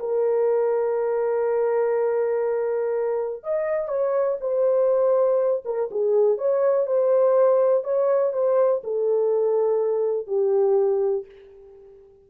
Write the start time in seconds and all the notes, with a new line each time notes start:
0.00 A#4
3.44 D#5
3.89 C#5
4.41 C5
5.65 A#4
5.91 G#4
6.38 C#5
6.87 C5
7.84 C#5
8.33 C5
8.84 A4
10.27 G4